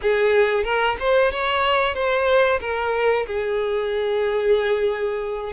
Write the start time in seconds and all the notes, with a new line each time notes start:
0.01 G#4
0.63 A#4
0.99 C5
1.31 C#5
1.94 C5
2.60 A#4
3.26 G#4